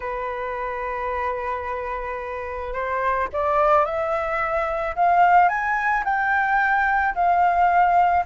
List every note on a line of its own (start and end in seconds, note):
0.00 2.73 B4
2.73 3.28 C5
3.32 3.85 D5
3.85 4.95 E5
4.95 5.48 F5
5.48 6.03 G#5
6.04 7.14 G5
7.14 8.24 F5